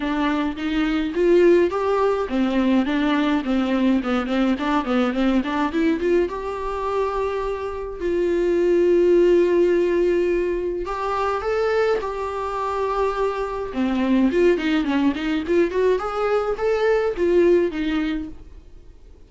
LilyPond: \new Staff \with { instrumentName = "viola" } { \time 4/4 \tempo 4 = 105 d'4 dis'4 f'4 g'4 | c'4 d'4 c'4 b8 c'8 | d'8 b8 c'8 d'8 e'8 f'8 g'4~ | g'2 f'2~ |
f'2. g'4 | a'4 g'2. | c'4 f'8 dis'8 cis'8 dis'8 f'8 fis'8 | gis'4 a'4 f'4 dis'4 | }